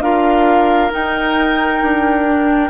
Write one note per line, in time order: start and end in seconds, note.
0.00 0.90 D4
0.00 0.91 F4
0.00 2.70 A#4
0.00 0.91 F5
0.91 2.25 D#4
0.91 1.82 D#4
0.91 2.70 G5
1.82 2.70 D4
2.25 2.70 D4